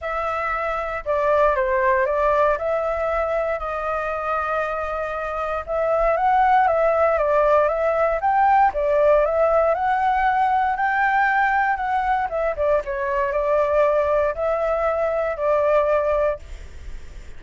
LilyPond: \new Staff \with { instrumentName = "flute" } { \time 4/4 \tempo 4 = 117 e''2 d''4 c''4 | d''4 e''2 dis''4~ | dis''2. e''4 | fis''4 e''4 d''4 e''4 |
g''4 d''4 e''4 fis''4~ | fis''4 g''2 fis''4 | e''8 d''8 cis''4 d''2 | e''2 d''2 | }